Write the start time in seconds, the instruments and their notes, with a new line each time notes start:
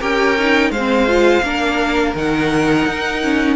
0.00 cello C#4, viola G4, violin A#4 G5
0.38 viola D#4
0.71 cello G#3, violin C5 F5
0.78 viola C4
1.08 viola F4
1.43 cello A#3, viola D4, violin A#4
2.15 cello D#3, viola D#4, violin F#5
2.87 cello D#4
3.23 viola C#4